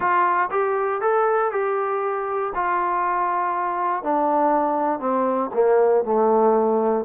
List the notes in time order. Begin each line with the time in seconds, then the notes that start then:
0.00 F4
0.50 G4
1.01 A4
1.51 G4
2.54 F4
4.03 D4
4.99 C4
5.53 A#3
6.04 A3